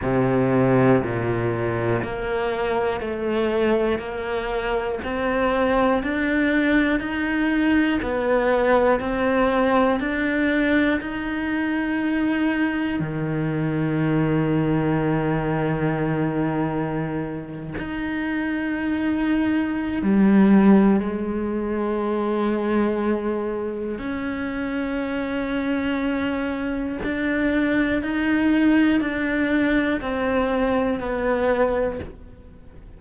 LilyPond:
\new Staff \with { instrumentName = "cello" } { \time 4/4 \tempo 4 = 60 c4 ais,4 ais4 a4 | ais4 c'4 d'4 dis'4 | b4 c'4 d'4 dis'4~ | dis'4 dis2.~ |
dis4.~ dis16 dis'2~ dis'16 | g4 gis2. | cis'2. d'4 | dis'4 d'4 c'4 b4 | }